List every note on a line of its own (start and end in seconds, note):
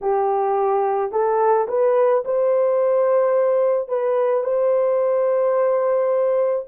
0.01 1.11 G4
1.11 1.67 A4
1.68 2.23 B4
2.25 3.88 C5
3.88 4.43 B4
4.43 6.65 C5